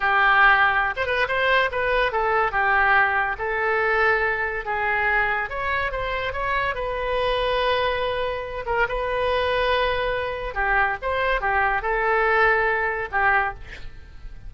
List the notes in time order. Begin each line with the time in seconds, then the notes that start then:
0.00 G4
0.96 C5
1.06 B4
1.28 C5
1.71 B4
2.11 A4
2.51 G4
3.38 A4
4.65 G#4
5.49 C#5
5.91 C5
6.32 C#5
6.75 B4
8.65 A#4
8.88 B4
10.54 G4
11.01 C5
11.40 G4
11.82 A4
13.11 G4